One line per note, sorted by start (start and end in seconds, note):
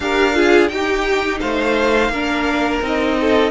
0.00 0.69 D4
0.00 0.34 G4
0.00 0.35 A#4
0.00 0.68 F5
0.34 0.69 F4
0.34 0.71 G#4
0.68 1.40 D#4
0.68 2.13 D#4
0.68 1.40 G4
0.68 1.39 G5
1.39 2.09 A3
1.39 2.11 C5
1.39 2.81 F5
2.09 2.79 A#3
2.09 2.81 D4
2.09 3.17 A#4
2.81 3.51 C4
2.81 3.51 D#4
2.81 3.51 D#5
3.20 3.51 A4